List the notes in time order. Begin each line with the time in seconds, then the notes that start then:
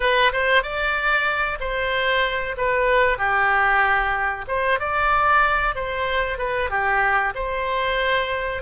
0.00 B4
0.32 C5
0.62 D5
1.60 C5
2.57 B4
3.17 G4
4.47 C5
4.79 D5
5.75 C5
6.37 B4
6.69 G4
7.34 C5